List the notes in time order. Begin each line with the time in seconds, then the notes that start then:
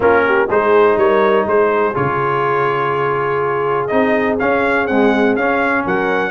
0.00 A#3 C#4 F4 A#4
0.25 G4
0.50 G#3 D#4 G#4 C5
0.96 G3 A#4 C#5
1.47 G#3 G#4 C5
1.94 C#3 F4 C#5
3.87 C4 D#4 D#5
4.39 C#4 F5
4.87 G#3 C4 F#5
5.36 C#4 F5
5.85 F#3 A#4 F#5